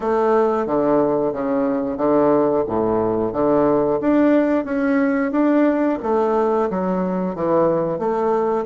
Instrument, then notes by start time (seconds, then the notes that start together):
bassoon
0.00 A3
0.66 D3
1.32 C#3
1.97 D3
2.67 A2
3.32 D3
4.00 D4
4.65 C#4
5.32 D4
6.02 A3
6.70 F#3
7.35 E3
7.98 A3